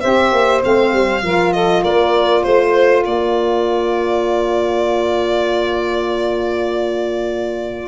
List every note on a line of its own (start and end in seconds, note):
0.00 0.32 C4
0.00 0.60 G4
0.00 1.22 C5
0.00 0.61 E5
0.32 0.62 A#3
0.60 0.92 A3
0.60 1.21 C4
0.60 1.52 F5
0.92 1.22 G3
1.22 1.83 F3
1.22 7.87 F4
1.22 1.54 A#4
1.52 1.82 A4
1.52 1.82 D#5
1.82 2.45 A#3
1.82 2.42 A#4
1.82 2.43 D5
2.43 3.05 A3
2.43 3.03 C5
3.03 7.87 A#3
3.03 7.87 A#4
3.03 7.87 D5